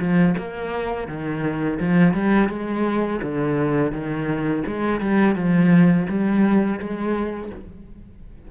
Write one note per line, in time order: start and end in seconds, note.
0.00 0.36 F3
0.38 1.08 A#3
1.08 1.79 D#3
1.80 2.14 F3
2.14 2.49 G3
2.49 3.21 G#3
3.23 3.93 D3
3.93 4.64 D#3
4.67 5.01 G#3
5.01 5.36 G3
5.36 6.07 F3
6.09 6.80 G3
6.80 7.51 G#3